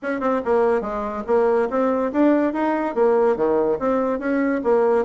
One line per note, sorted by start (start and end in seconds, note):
0.02 0.20 C#4
0.20 0.41 C4
0.44 0.81 A#3
0.81 1.23 G#3
1.26 1.68 A#3
1.69 2.11 C4
2.12 2.53 D4
2.53 2.94 D#4
2.94 3.36 A#3
3.36 3.78 D#3
3.79 4.19 C4
4.19 4.61 C#4
4.63 5.05 A#3